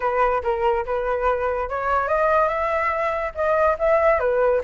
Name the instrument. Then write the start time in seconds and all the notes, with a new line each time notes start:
flute
0.00 B4
0.43 A#4
0.85 B4
1.69 C#5
2.08 D#5
2.48 E5
3.35 D#5
3.79 E5
4.19 B4